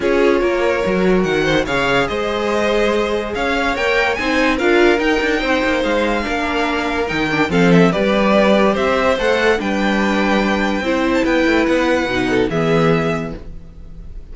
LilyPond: <<
  \new Staff \with { instrumentName = "violin" } { \time 4/4 \tempo 4 = 144 cis''2. fis''4 | f''4 dis''2. | f''4 g''4 gis''4 f''4 | g''2 f''2~ |
f''4 g''4 f''8 e''8 d''4~ | d''4 e''4 fis''4 g''4~ | g''2~ g''8. a''16 g''4 | fis''2 e''2 | }
  \new Staff \with { instrumentName = "violin" } { \time 4/4 gis'4 ais'2~ ais'8 c''8 | cis''4 c''2. | cis''2 c''4 ais'4~ | ais'4 c''2 ais'4~ |
ais'2 a'4 b'4~ | b'4 c''2 b'4~ | b'2 c''4 b'4~ | b'4. a'8 gis'2 | }
  \new Staff \with { instrumentName = "viola" } { \time 4/4 f'2 fis'2 | gis'1~ | gis'4 ais'4 dis'4 f'4 | dis'2. d'4~ |
d'4 dis'8 d'8 c'4 g'4~ | g'2 a'4 d'4~ | d'2 e'2~ | e'4 dis'4 b2 | }
  \new Staff \with { instrumentName = "cello" } { \time 4/4 cis'4 ais4 fis4 dis4 | cis4 gis2. | cis'4 ais4 c'4 d'4 | dis'8 d'8 c'8 ais8 gis4 ais4~ |
ais4 dis4 f4 g4~ | g4 c'4 a4 g4~ | g2 c'4 b8 a8 | b4 b,4 e2 | }
>>